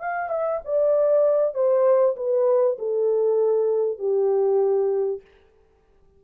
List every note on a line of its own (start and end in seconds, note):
0.00 0.30 F5
0.30 0.61 E5
0.65 1.54 D5
1.54 2.15 C5
2.16 2.77 B4
2.79 3.99 A4
3.99 5.21 G4